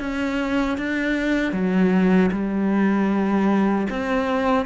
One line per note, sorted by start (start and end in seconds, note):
0.00 0.78 C#4
0.78 1.53 D4
1.53 2.31 F#3
2.32 3.88 G3
3.90 4.66 C4